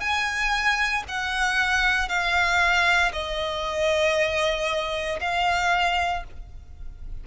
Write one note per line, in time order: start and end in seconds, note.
0.00 1.03 G#5
1.08 2.08 F#5
2.08 3.12 F5
3.13 5.20 D#5
5.20 6.24 F5